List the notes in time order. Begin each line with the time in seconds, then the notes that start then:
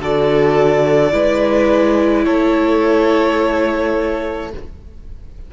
0.00 D3 F#4 A4 D5
1.12 G#3 E4 B4
2.25 A3 A4 C#5